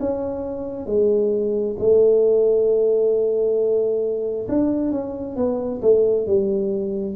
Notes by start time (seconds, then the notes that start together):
0.00 C#4
0.87 G#3
1.79 A3
4.49 D4
4.92 C#4
5.36 B3
5.82 A3
6.27 G3